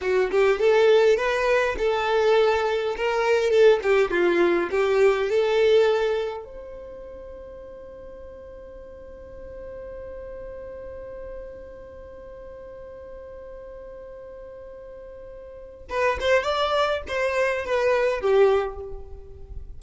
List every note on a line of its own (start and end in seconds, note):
0.01 0.30 F#4
0.30 0.59 G4
0.59 1.16 A4
1.16 1.75 B4
1.78 2.95 A4
2.97 3.50 A#4
3.50 3.79 A4
3.82 4.10 G4
4.10 4.69 F4
4.70 5.29 G4
5.29 6.44 A4
6.44 15.85 C5
15.89 16.18 B4
16.20 16.43 C5
16.43 17.02 D5
17.07 17.65 C5
17.65 18.21 B4
18.21 18.79 G4